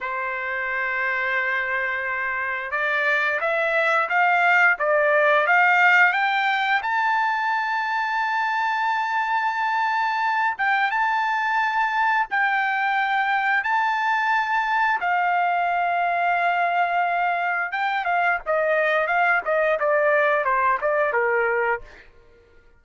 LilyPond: \new Staff \with { instrumentName = "trumpet" } { \time 4/4 \tempo 4 = 88 c''1 | d''4 e''4 f''4 d''4 | f''4 g''4 a''2~ | a''2.~ a''8 g''8 |
a''2 g''2 | a''2 f''2~ | f''2 g''8 f''8 dis''4 | f''8 dis''8 d''4 c''8 d''8 ais'4 | }